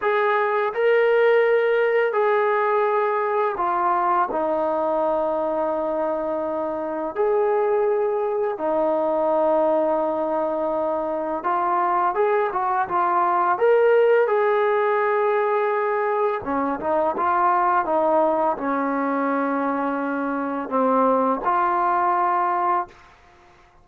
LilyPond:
\new Staff \with { instrumentName = "trombone" } { \time 4/4 \tempo 4 = 84 gis'4 ais'2 gis'4~ | gis'4 f'4 dis'2~ | dis'2 gis'2 | dis'1 |
f'4 gis'8 fis'8 f'4 ais'4 | gis'2. cis'8 dis'8 | f'4 dis'4 cis'2~ | cis'4 c'4 f'2 | }